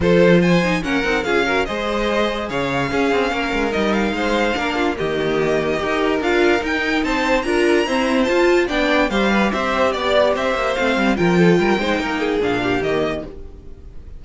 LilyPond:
<<
  \new Staff \with { instrumentName = "violin" } { \time 4/4 \tempo 4 = 145 c''4 gis''4 fis''4 f''4 | dis''2 f''2~ | f''4 dis''8 f''2~ f''8 | dis''2. f''4 |
g''4 a''4 ais''2 | a''4 g''4 f''4 e''4 | d''4 e''4 f''4 g''4~ | g''2 f''4 dis''4 | }
  \new Staff \with { instrumentName = "violin" } { \time 4/4 a'4 c''4 ais'4 gis'8 ais'8 | c''2 cis''4 gis'4 | ais'2 c''4 ais'8 f'8 | g'2 ais'2~ |
ais'4 c''4 ais'4 c''4~ | c''4 d''4 c''8 b'8 c''4 | d''4 c''2 ais'8 a'8 | ais'8 c''8 ais'8 gis'4 g'4. | }
  \new Staff \with { instrumentName = "viola" } { \time 4/4 f'4. dis'8 cis'8 dis'8 f'8 fis'8 | gis'2. cis'4~ | cis'4 dis'2 d'4 | ais2 g'4 f'4 |
dis'2 f'4 c'4 | f'4 d'4 g'2~ | g'2 c'4 f'4~ | f'8 dis'4. d'4 ais4 | }
  \new Staff \with { instrumentName = "cello" } { \time 4/4 f2 ais8 c'8 cis'4 | gis2 cis4 cis'8 c'8 | ais8 gis8 g4 gis4 ais4 | dis2 dis'4 d'4 |
dis'4 c'4 d'4 e'4 | f'4 b4 g4 c'4 | b4 c'8 ais8 a8 g8 f4 | g8 gis8 ais4 ais,4 dis4 | }
>>